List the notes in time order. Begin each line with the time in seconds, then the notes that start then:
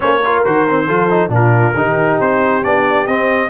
0.00 A#3 C#4 C5 C#5
0.24 F4 A#4
0.44 D#3 F#4 C5
0.68 C4
0.86 F3 F4 A4
1.09 D#4
1.28 A#2 D4 F4
1.34 A#4
1.74 D#3 D#4 G4
2.20 C4 C5
2.63 B3 D4 D5
3.06 C4 D#5